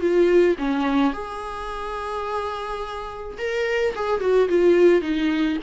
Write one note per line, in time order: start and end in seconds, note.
0.00 0.56 F4
0.58 1.13 C#4
1.13 3.37 G#4
3.38 3.94 A#4
3.95 4.20 G#4
4.20 4.48 F#4
4.48 5.01 F4
5.01 5.57 D#4